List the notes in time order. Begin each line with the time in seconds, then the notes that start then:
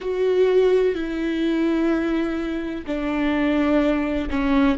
0.00 F#4
0.94 E4
2.86 D4
4.30 C#4